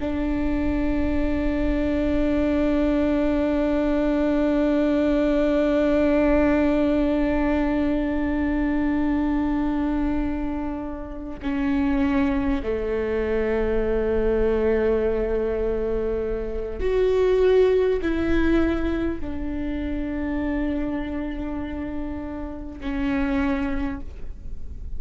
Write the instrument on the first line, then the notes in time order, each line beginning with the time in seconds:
viola
0.00 D4
11.42 C#4
12.62 A3
16.80 F#4
18.01 E4
19.20 D4
22.80 C#4